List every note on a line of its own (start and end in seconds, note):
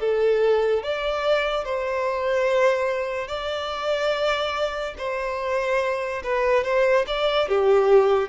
0.00 0.83 A4
0.83 1.65 D5
1.65 3.28 C5
3.28 4.95 D5
4.98 6.23 C5
6.23 6.64 B4
6.64 7.06 C5
7.07 7.48 D5
7.48 8.29 G4